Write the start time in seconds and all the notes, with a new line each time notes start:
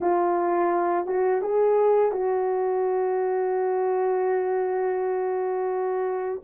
0.00 F4
1.06 F#4
1.41 G#4
2.12 F#4